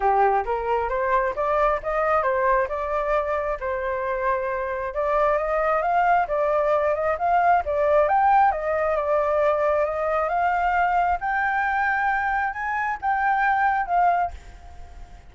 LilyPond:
\new Staff \with { instrumentName = "flute" } { \time 4/4 \tempo 4 = 134 g'4 ais'4 c''4 d''4 | dis''4 c''4 d''2 | c''2. d''4 | dis''4 f''4 d''4. dis''8 |
f''4 d''4 g''4 dis''4 | d''2 dis''4 f''4~ | f''4 g''2. | gis''4 g''2 f''4 | }